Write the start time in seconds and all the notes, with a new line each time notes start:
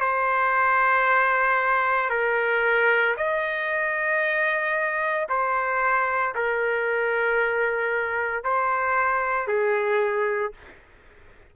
0.00 C5
2.10 A#4
3.17 D#5
5.29 C5
6.35 A#4
8.44 C5
9.47 G#4